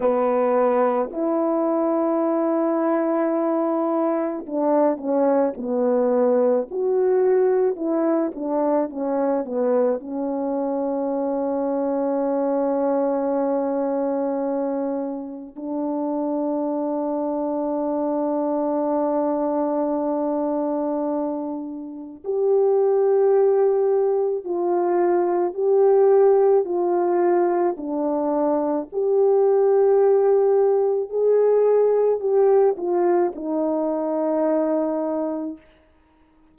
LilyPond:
\new Staff \with { instrumentName = "horn" } { \time 4/4 \tempo 4 = 54 b4 e'2. | d'8 cis'8 b4 fis'4 e'8 d'8 | cis'8 b8 cis'2.~ | cis'2 d'2~ |
d'1 | g'2 f'4 g'4 | f'4 d'4 g'2 | gis'4 g'8 f'8 dis'2 | }